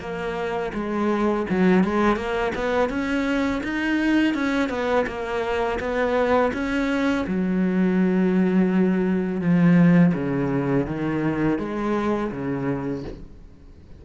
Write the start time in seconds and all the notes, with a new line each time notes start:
0.00 A#3
0.74 G#3
1.50 F#3
1.84 G#3
2.16 A#3
2.55 B3
2.89 C#4
3.63 D#4
4.34 C#4
4.69 B3
5.07 A#3
5.80 B3
6.53 C#4
7.27 F#3
9.41 F3
10.14 C#3
10.87 D#3
11.58 G#3
12.31 C#3